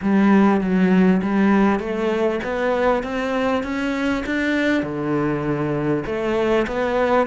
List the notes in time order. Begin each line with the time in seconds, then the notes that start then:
0.02 G3
0.60 F#3
1.22 G3
1.79 A3
2.43 B3
3.03 C4
3.63 C#4
4.26 D4
4.83 D3
6.06 A3
6.67 B3